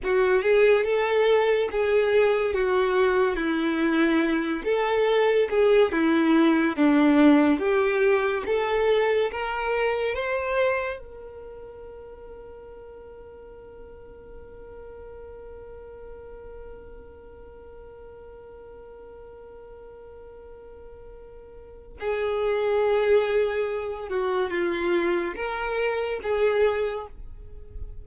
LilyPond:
\new Staff \with { instrumentName = "violin" } { \time 4/4 \tempo 4 = 71 fis'8 gis'8 a'4 gis'4 fis'4 | e'4. a'4 gis'8 e'4 | d'4 g'4 a'4 ais'4 | c''4 ais'2.~ |
ais'1~ | ais'1~ | ais'2 gis'2~ | gis'8 fis'8 f'4 ais'4 gis'4 | }